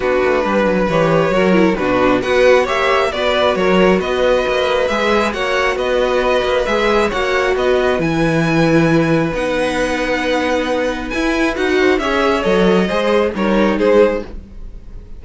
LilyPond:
<<
  \new Staff \with { instrumentName = "violin" } { \time 4/4 \tempo 4 = 135 b'2 cis''2 | b'4 fis''4 e''4 d''4 | cis''4 dis''2 e''4 | fis''4 dis''2 e''4 |
fis''4 dis''4 gis''2~ | gis''4 fis''2.~ | fis''4 gis''4 fis''4 e''4 | dis''2 cis''4 c''4 | }
  \new Staff \with { instrumentName = "violin" } { \time 4/4 fis'4 b'2 ais'4 | fis'4 b'4 cis''4 b'4 | ais'4 b'2. | cis''4 b'2. |
cis''4 b'2.~ | b'1~ | b'2~ b'8 c''8 cis''4~ | cis''4 c''4 ais'4 gis'4 | }
  \new Staff \with { instrumentName = "viola" } { \time 4/4 d'2 g'4 fis'8 e'8 | d'4 fis'4 g'4 fis'4~ | fis'2. gis'4 | fis'2. gis'4 |
fis'2 e'2~ | e'4 dis'2.~ | dis'4 e'4 fis'4 gis'4 | a'4 gis'4 dis'2 | }
  \new Staff \with { instrumentName = "cello" } { \time 4/4 b8 a8 g8 fis8 e4 fis4 | b,4 b4 ais4 b4 | fis4 b4 ais4 gis4 | ais4 b4. ais8 gis4 |
ais4 b4 e2~ | e4 b2.~ | b4 e'4 dis'4 cis'4 | fis4 gis4 g4 gis4 | }
>>